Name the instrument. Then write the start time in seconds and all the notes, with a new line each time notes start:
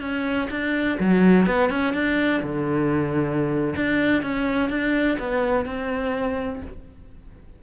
cello
0.00 C#4
0.50 D4
0.99 F#3
1.46 B3
1.69 C#4
1.93 D4
2.42 D3
3.75 D4
4.22 C#4
4.69 D4
5.19 B3
5.65 C4